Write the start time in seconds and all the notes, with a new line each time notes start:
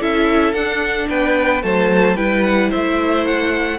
0.00 C#4 E4 A4 E5
0.53 D4 F#5
1.09 B3 B4 G5
1.62 F#3 A3 C5 A5
2.16 G3 E4 B4 G5
2.44 F#5
2.70 A3 C5 E5
3.26 F#5